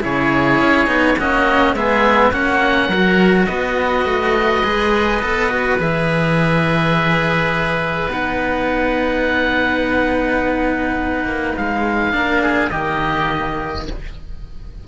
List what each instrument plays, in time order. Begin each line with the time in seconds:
0.00 cello C#3 E4, oboe G#4 C#5
0.60 cello C#4
0.86 cello B3 D#4
1.17 cello A#3 C#4, oboe F#4 D#5
1.73 cello G#3 B3, oboe G#4 E5
2.30 cello A#3 C#4, oboe F#4 F#5
2.88 cello F#3 F#4, oboe A#4
3.46 cello B3, oboe B4 D#5
4.04 cello A3
4.63 cello G#3 G#4
5.21 cello B3 A4
5.49 cello F#4
5.79 cello E3 G#4, oboe E5
8.08 cello B3 D#4, oboe F#5
11.24 cello A#3
11.56 cello G#3, oboe F5
12.12 cello A#3 D4, oboe A#4
12.42 oboe G#4
12.69 cello D#3 A#3, oboe G4 D#5